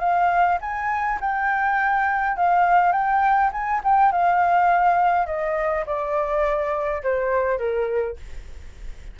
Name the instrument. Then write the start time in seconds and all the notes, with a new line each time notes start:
flute
0.00 F5
0.61 G#5
1.21 G5
2.37 F5
2.93 G5
3.52 G#5
3.84 G5
4.12 F5
5.26 D#5
5.86 D5
7.03 C5
7.59 A#4